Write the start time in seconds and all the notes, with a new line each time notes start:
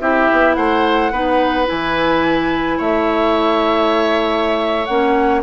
0.00 C4 E4 G4 E5
0.31 B3
0.55 A3 C5 F#5
1.11 B3 D#4 B4
1.66 E3 E4 G#5
2.78 A3 C#5 E5
4.85 A#3 C#4 F#5